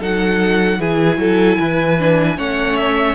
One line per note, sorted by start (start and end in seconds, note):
0.00 0.79 F#3
0.00 0.80 D#4
0.00 0.79 A4
0.00 0.82 F#5
0.79 1.17 E3
0.79 1.98 E4
0.79 1.19 G#4
0.79 2.39 G#5
1.17 1.57 F#3
1.17 1.59 A4
1.59 2.39 E3
1.59 2.37 B4
2.00 2.37 D4
2.37 3.15 A3
2.37 3.15 C#4
2.37 3.15 C#5
2.37 2.77 F#5
2.77 3.15 E5